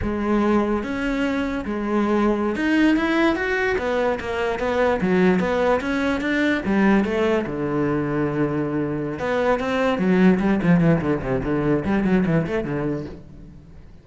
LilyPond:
\new Staff \with { instrumentName = "cello" } { \time 4/4 \tempo 4 = 147 gis2 cis'2 | gis2~ gis16 dis'4 e'8.~ | e'16 fis'4 b4 ais4 b8.~ | b16 fis4 b4 cis'4 d'8.~ |
d'16 g4 a4 d4.~ d16~ | d2~ d8 b4 c'8~ | c'8 fis4 g8 f8 e8 d8 c8 | d4 g8 fis8 e8 a8 d4 | }